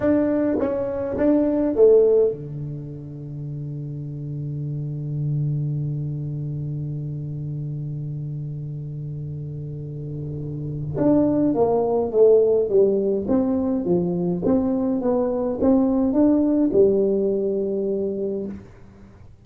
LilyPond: \new Staff \with { instrumentName = "tuba" } { \time 4/4 \tempo 4 = 104 d'4 cis'4 d'4 a4 | d1~ | d1~ | d1~ |
d2. d'4 | ais4 a4 g4 c'4 | f4 c'4 b4 c'4 | d'4 g2. | }